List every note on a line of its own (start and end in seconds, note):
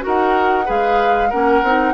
0.00 0.64 F#4
0.00 0.65 A#4
0.07 0.69 D#4
0.07 0.70 F#5
0.65 1.33 G#3
0.65 1.29 G#4
0.65 1.29 B4
0.65 1.31 F5
1.29 1.62 A#3
1.29 1.64 C#4
1.29 1.93 A#4
1.29 1.93 F#5
1.62 1.93 C4
1.62 1.93 D#4